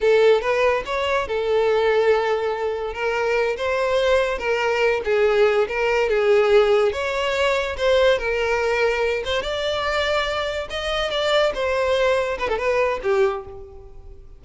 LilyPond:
\new Staff \with { instrumentName = "violin" } { \time 4/4 \tempo 4 = 143 a'4 b'4 cis''4 a'4~ | a'2. ais'4~ | ais'8 c''2 ais'4. | gis'4. ais'4 gis'4.~ |
gis'8 cis''2 c''4 ais'8~ | ais'2 c''8 d''4.~ | d''4. dis''4 d''4 c''8~ | c''4. b'16 a'16 b'4 g'4 | }